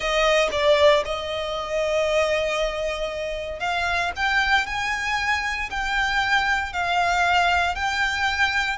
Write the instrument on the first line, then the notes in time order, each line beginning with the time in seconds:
violin
0.00 D#5
0.51 D5
1.05 D#5
3.59 F5
4.15 G5
4.66 G#5
5.70 G5
6.72 F5
7.75 G5